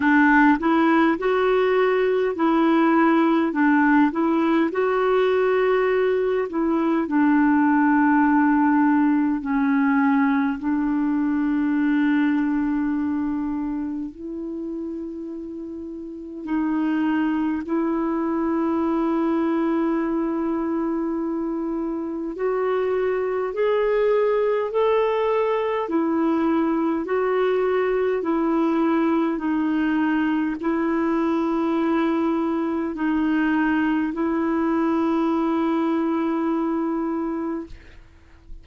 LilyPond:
\new Staff \with { instrumentName = "clarinet" } { \time 4/4 \tempo 4 = 51 d'8 e'8 fis'4 e'4 d'8 e'8 | fis'4. e'8 d'2 | cis'4 d'2. | e'2 dis'4 e'4~ |
e'2. fis'4 | gis'4 a'4 e'4 fis'4 | e'4 dis'4 e'2 | dis'4 e'2. | }